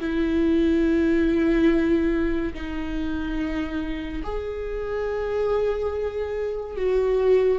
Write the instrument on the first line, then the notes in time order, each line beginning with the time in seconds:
viola
0.00 E4
2.54 D#4
4.23 G#4
6.77 F#4